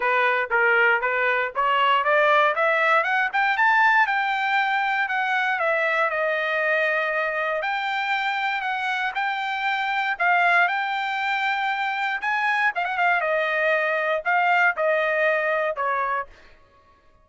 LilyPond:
\new Staff \with { instrumentName = "trumpet" } { \time 4/4 \tempo 4 = 118 b'4 ais'4 b'4 cis''4 | d''4 e''4 fis''8 g''8 a''4 | g''2 fis''4 e''4 | dis''2. g''4~ |
g''4 fis''4 g''2 | f''4 g''2. | gis''4 f''16 fis''16 f''8 dis''2 | f''4 dis''2 cis''4 | }